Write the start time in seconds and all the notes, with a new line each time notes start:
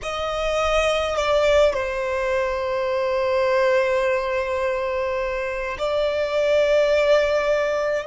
0.02 D#5
1.15 D5
1.73 C5
5.78 D5